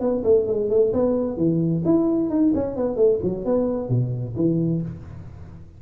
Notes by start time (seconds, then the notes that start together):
0.00 B3
0.24 A3
0.47 G#3
0.70 A3
0.93 B3
1.37 E3
1.85 E4
2.29 D#4
2.54 C#4
2.76 B3
2.96 A3
3.23 F#3
3.45 B3
3.89 B2
4.36 E3